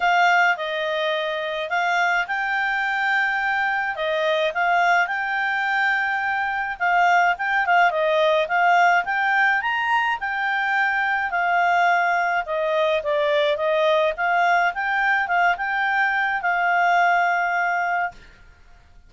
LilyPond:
\new Staff \with { instrumentName = "clarinet" } { \time 4/4 \tempo 4 = 106 f''4 dis''2 f''4 | g''2. dis''4 | f''4 g''2. | f''4 g''8 f''8 dis''4 f''4 |
g''4 ais''4 g''2 | f''2 dis''4 d''4 | dis''4 f''4 g''4 f''8 g''8~ | g''4 f''2. | }